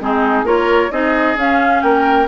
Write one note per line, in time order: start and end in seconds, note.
0.00 0.43 G#3
0.00 0.45 C4
0.00 0.45 D#4
0.00 0.47 G#4
0.43 0.88 A#3
0.43 0.90 F4
0.43 0.91 A#4
0.43 0.91 C#5
0.91 1.36 C4
0.91 1.36 D#4
0.91 1.83 G#4
0.91 1.37 D#5
1.36 1.81 C#4
1.36 2.28 C#4
1.36 1.82 F5
1.82 2.28 A#3
1.82 2.28 A#4
1.82 2.27 G5